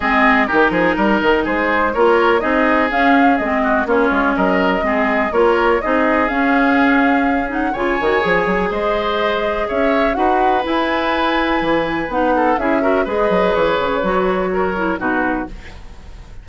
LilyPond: <<
  \new Staff \with { instrumentName = "flute" } { \time 4/4 \tempo 4 = 124 dis''4 ais'2 c''4 | cis''4 dis''4 f''4 dis''4 | cis''4 dis''2 cis''4 | dis''4 f''2~ f''8 fis''8 |
gis''2 dis''2 | e''4 fis''4 gis''2~ | gis''4 fis''4 e''4 dis''4 | cis''2. b'4 | }
  \new Staff \with { instrumentName = "oboe" } { \time 4/4 gis'4 g'8 gis'8 ais'4 gis'4 | ais'4 gis'2~ gis'8 fis'8 | f'4 ais'4 gis'4 ais'4 | gis'1 |
cis''2 c''2 | cis''4 b'2.~ | b'4. a'8 gis'8 ais'8 b'4~ | b'2 ais'4 fis'4 | }
  \new Staff \with { instrumentName = "clarinet" } { \time 4/4 c'4 dis'2. | f'4 dis'4 cis'4 c'4 | cis'2 c'4 f'4 | dis'4 cis'2~ cis'8 dis'8 |
f'8 fis'8 gis'2.~ | gis'4 fis'4 e'2~ | e'4 dis'4 e'8 fis'8 gis'4~ | gis'4 fis'4. e'8 dis'4 | }
  \new Staff \with { instrumentName = "bassoon" } { \time 4/4 gis4 dis8 f8 g8 dis8 gis4 | ais4 c'4 cis'4 gis4 | ais8 gis8 fis4 gis4 ais4 | c'4 cis'2. |
cis8 dis8 f8 fis8 gis2 | cis'4 dis'4 e'2 | e4 b4 cis'4 gis8 fis8 | e8 cis8 fis2 b,4 | }
>>